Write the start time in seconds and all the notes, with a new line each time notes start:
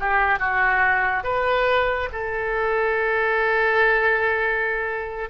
0.00 G4
0.39 F#4
1.24 B4
2.13 A4